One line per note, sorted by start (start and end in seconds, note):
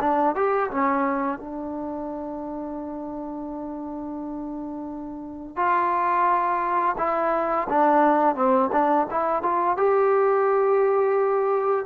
0.00 0.35 D4
0.35 0.70 G4
0.70 1.38 C#4
1.38 5.56 D4
5.56 6.95 F4
6.97 7.67 E4
7.69 8.35 D4
8.35 8.70 C4
8.71 9.06 D4
9.10 9.42 E4
9.42 9.76 F4
9.76 11.85 G4